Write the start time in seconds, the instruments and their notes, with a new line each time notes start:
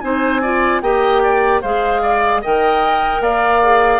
0.00 bassoon C4, clarinet D#4, oboe C5, flute G#5
0.42 clarinet F4, oboe D5
0.81 bassoon A#3, clarinet G4, oboe D#5, flute G5
1.23 oboe D5
1.61 bassoon G#3, clarinet G#4, oboe C5, flute F5
2.02 oboe D5
2.41 bassoon D#3, clarinet A#4, oboe D#5, flute G5
3.20 bassoon A#3, oboe D5, flute F5
3.63 clarinet G#4